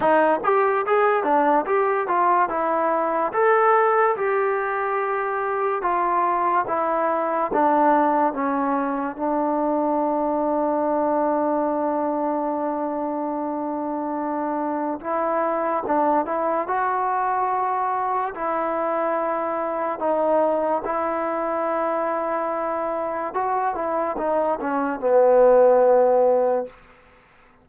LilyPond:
\new Staff \with { instrumentName = "trombone" } { \time 4/4 \tempo 4 = 72 dis'8 g'8 gis'8 d'8 g'8 f'8 e'4 | a'4 g'2 f'4 | e'4 d'4 cis'4 d'4~ | d'1~ |
d'2 e'4 d'8 e'8 | fis'2 e'2 | dis'4 e'2. | fis'8 e'8 dis'8 cis'8 b2 | }